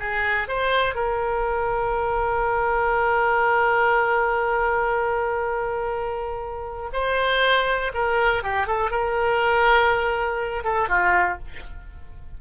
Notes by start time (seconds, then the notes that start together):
0.00 G#4
0.49 C5
0.95 A#4
6.93 C5
7.95 A#4
8.44 G4
8.67 A4
8.91 A#4
10.65 A4
10.89 F4